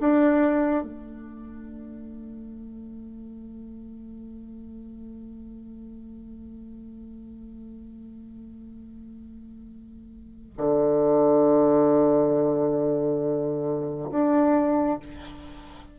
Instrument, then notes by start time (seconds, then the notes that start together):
bassoon
0.00 D4
0.83 A3
10.57 D3
14.11 D4